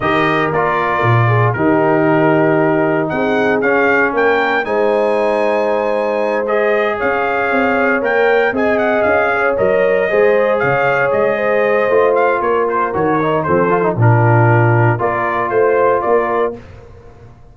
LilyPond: <<
  \new Staff \with { instrumentName = "trumpet" } { \time 4/4 \tempo 4 = 116 dis''4 d''2 ais'4~ | ais'2 fis''4 f''4 | g''4 gis''2.~ | gis''8 dis''4 f''2 g''8~ |
g''8 gis''8 fis''8 f''4 dis''4.~ | dis''8 f''4 dis''2 f''8 | cis''8 c''8 cis''4 c''4 ais'4~ | ais'4 d''4 c''4 d''4 | }
  \new Staff \with { instrumentName = "horn" } { \time 4/4 ais'2~ ais'8 gis'8 g'4~ | g'2 gis'2 | ais'4 c''2.~ | c''4. cis''2~ cis''8~ |
cis''8 dis''4. cis''4. c''8~ | c''8 cis''4. c''2 | ais'2 a'4 f'4~ | f'4 ais'4 c''4 ais'4 | }
  \new Staff \with { instrumentName = "trombone" } { \time 4/4 g'4 f'2 dis'4~ | dis'2. cis'4~ | cis'4 dis'2.~ | dis'8 gis'2. ais'8~ |
ais'8 gis'2 ais'4 gis'8~ | gis'2. f'4~ | f'4 fis'8 dis'8 c'8 f'16 dis'16 d'4~ | d'4 f'2. | }
  \new Staff \with { instrumentName = "tuba" } { \time 4/4 dis4 ais4 ais,4 dis4~ | dis2 c'4 cis'4 | ais4 gis2.~ | gis4. cis'4 c'4 ais8~ |
ais8 c'4 cis'4 fis4 gis8~ | gis8 cis4 gis4. a4 | ais4 dis4 f4 ais,4~ | ais,4 ais4 a4 ais4 | }
>>